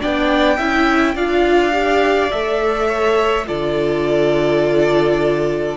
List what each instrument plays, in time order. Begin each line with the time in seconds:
0.00 cello B3, viola D4, violin D5 G5
0.57 cello C#4, viola E4, violin E5
1.15 cello D4, viola F4, violin D5 F5
1.72 viola G4
2.31 cello A3, viola A4, violin E5
2.88 violin C#5
3.46 cello D3, viola F4, violin A4 D5